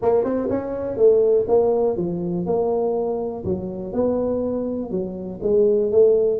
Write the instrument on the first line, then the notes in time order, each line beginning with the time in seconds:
tuba
0.01 A#3
0.23 C4
0.50 C#4
0.96 A3
1.48 A#3
1.96 F3
2.46 A#3
3.44 F#3
3.92 B3
4.90 F#3
5.42 G#3
5.91 A3